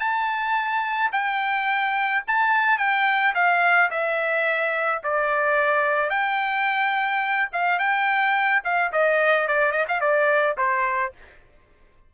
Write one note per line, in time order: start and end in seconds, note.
0.00 1.11 A5
1.13 2.24 G5
2.28 2.79 A5
2.79 3.34 G5
3.35 3.91 F5
3.91 5.02 E5
5.04 6.10 D5
6.10 7.49 G5
7.53 7.79 F5
7.79 8.63 G5
8.65 8.92 F5
8.93 9.48 D#5
9.48 9.72 D5
9.72 9.86 D#5
9.89 10.01 F5
10.01 10.57 D5
10.58 11.13 C5